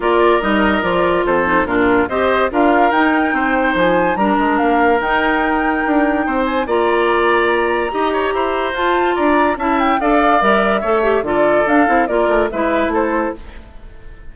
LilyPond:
<<
  \new Staff \with { instrumentName = "flute" } { \time 4/4 \tempo 4 = 144 d''4 dis''4 d''4 c''4 | ais'4 dis''4 f''4 g''4~ | g''4 gis''4 ais''4 f''4 | g''2.~ g''8 gis''8 |
ais''1~ | ais''4 a''4 ais''4 a''8 g''8 | f''4 e''2 d''4 | f''4 d''4 e''4 c''4 | }
  \new Staff \with { instrumentName = "oboe" } { \time 4/4 ais'2. a'4 | f'4 c''4 ais'2 | c''2 ais'2~ | ais'2. c''4 |
d''2. dis''8 cis''8 | c''2 d''4 e''4 | d''2 cis''4 a'4~ | a'4 ais'4 b'4 a'4 | }
  \new Staff \with { instrumentName = "clarinet" } { \time 4/4 f'4 dis'4 f'4. dis'8 | d'4 g'4 f'4 dis'4~ | dis'2 d'2 | dis'1 |
f'2. g'4~ | g'4 f'2 e'4 | a'4 ais'4 a'8 g'8 f'4 | d'8 e'8 f'4 e'2 | }
  \new Staff \with { instrumentName = "bassoon" } { \time 4/4 ais4 g4 f4 f,4 | ais,4 c'4 d'4 dis'4 | c'4 f4 g8 gis8 ais4 | dis'2 d'4 c'4 |
ais2. dis'4 | e'4 f'4 d'4 cis'4 | d'4 g4 a4 d4 | d'8 c'8 ais8 a8 gis4 a4 | }
>>